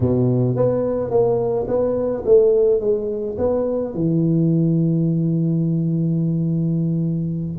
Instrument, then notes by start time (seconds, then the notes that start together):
tuba
0.00 B2
0.56 B3
1.10 A#3
1.67 B3
2.25 A3
2.80 G#3
3.38 B3
3.94 E3